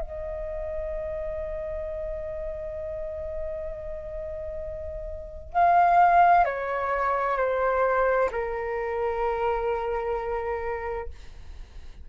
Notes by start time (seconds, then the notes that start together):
0.00 D#5
5.53 F5
6.45 C#5
7.38 C5
8.32 A#4